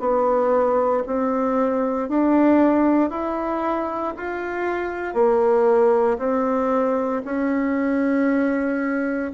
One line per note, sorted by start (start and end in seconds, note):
0.00 1.03 B3
1.07 2.09 C4
2.09 3.10 D4
3.10 4.14 E4
4.17 5.14 F4
5.14 6.18 A#3
6.19 7.22 C4
7.25 9.32 C#4